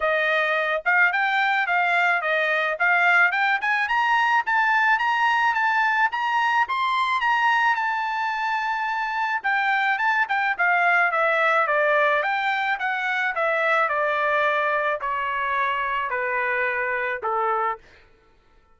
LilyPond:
\new Staff \with { instrumentName = "trumpet" } { \time 4/4 \tempo 4 = 108 dis''4. f''8 g''4 f''4 | dis''4 f''4 g''8 gis''8 ais''4 | a''4 ais''4 a''4 ais''4 | c'''4 ais''4 a''2~ |
a''4 g''4 a''8 g''8 f''4 | e''4 d''4 g''4 fis''4 | e''4 d''2 cis''4~ | cis''4 b'2 a'4 | }